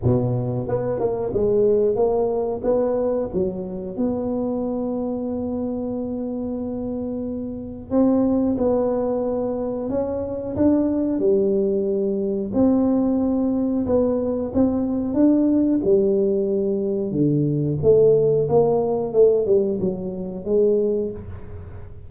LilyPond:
\new Staff \with { instrumentName = "tuba" } { \time 4/4 \tempo 4 = 91 b,4 b8 ais8 gis4 ais4 | b4 fis4 b2~ | b1 | c'4 b2 cis'4 |
d'4 g2 c'4~ | c'4 b4 c'4 d'4 | g2 d4 a4 | ais4 a8 g8 fis4 gis4 | }